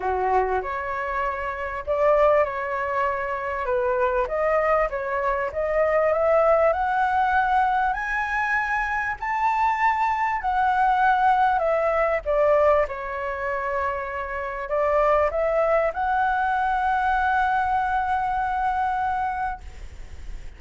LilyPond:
\new Staff \with { instrumentName = "flute" } { \time 4/4 \tempo 4 = 98 fis'4 cis''2 d''4 | cis''2 b'4 dis''4 | cis''4 dis''4 e''4 fis''4~ | fis''4 gis''2 a''4~ |
a''4 fis''2 e''4 | d''4 cis''2. | d''4 e''4 fis''2~ | fis''1 | }